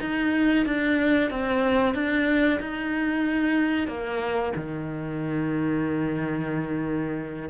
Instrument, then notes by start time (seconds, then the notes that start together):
cello
0.00 D#4
0.66 D4
1.30 C4
1.94 D4
2.60 D#4
3.87 A#3
4.55 D#3